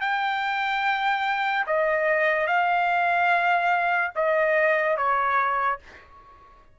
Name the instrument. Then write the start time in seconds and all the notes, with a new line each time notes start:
trumpet
0.00 G5
1.66 D#5
2.47 F5
4.15 D#5
4.97 C#5